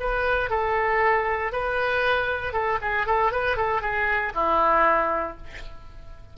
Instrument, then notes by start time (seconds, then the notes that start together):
oboe
0.00 B4
0.50 A4
1.52 B4
2.53 A4
2.82 G#4
3.07 A4
3.32 B4
3.57 A4
3.82 G#4
4.35 E4